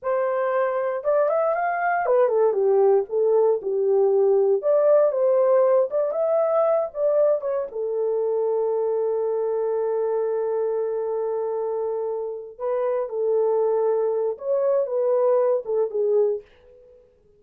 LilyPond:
\new Staff \with { instrumentName = "horn" } { \time 4/4 \tempo 4 = 117 c''2 d''8 e''8 f''4 | b'8 a'8 g'4 a'4 g'4~ | g'4 d''4 c''4. d''8 | e''4. d''4 cis''8 a'4~ |
a'1~ | a'1~ | a'8 b'4 a'2~ a'8 | cis''4 b'4. a'8 gis'4 | }